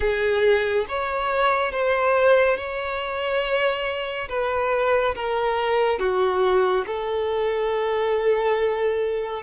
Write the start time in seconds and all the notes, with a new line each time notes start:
0.00 G#4
0.88 C#5
1.71 C5
2.56 C#5
4.29 B4
5.15 A#4
5.99 F#4
6.86 A4